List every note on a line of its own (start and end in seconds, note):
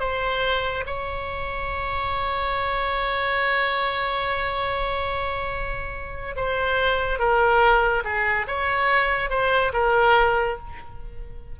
0.00 0.85 C5
0.86 6.36 C#5
6.36 7.19 C5
7.19 8.04 A#4
8.04 8.47 G#4
8.47 9.30 C#5
9.30 9.72 C5
9.73 10.58 A#4